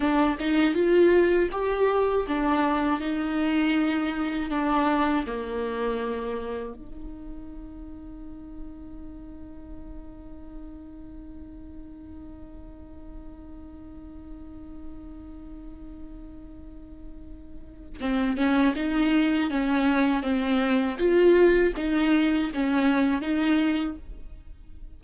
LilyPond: \new Staff \with { instrumentName = "viola" } { \time 4/4 \tempo 4 = 80 d'8 dis'8 f'4 g'4 d'4 | dis'2 d'4 ais4~ | ais4 dis'2.~ | dis'1~ |
dis'1~ | dis'1 | c'8 cis'8 dis'4 cis'4 c'4 | f'4 dis'4 cis'4 dis'4 | }